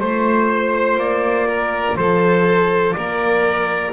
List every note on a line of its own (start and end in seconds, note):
0.00 0.98 A3
0.00 3.93 F4
0.00 0.98 C5
0.00 1.48 C5
0.98 1.96 A#3
0.98 1.97 D5
1.49 1.98 A#4
1.97 2.95 F3
1.97 2.97 A4
1.97 2.93 C5
2.93 3.93 A#3
2.93 3.93 A#4
2.93 3.91 D5